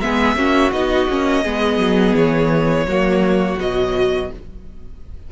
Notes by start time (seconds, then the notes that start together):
0.00 G#3 B3 G#4 E5
0.35 A#3 C#4 F#4
0.71 B3 D#4 D#5
1.09 A#3 C#4
1.43 G#3 B3 G#4
1.78 F#3
2.15 E3 C#5
2.86 F#3 A#3 F#4
3.59 B2 F#3 D#5